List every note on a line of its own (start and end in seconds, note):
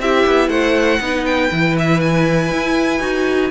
0.00 0.25 C4
0.00 1.01 E4
0.00 0.49 G4
0.00 0.49 E5
0.27 0.49 B3
0.49 1.00 A3
0.49 1.00 C5
0.49 1.25 F#5
1.00 1.51 B3
1.00 1.50 D#4
1.00 3.51 B4
1.26 1.76 G5
1.50 2.52 E3
1.50 3.00 E4
1.79 2.01 E5
2.01 3.51 G#5
2.52 3.00 E4
3.00 3.51 D#4
3.00 3.50 F#4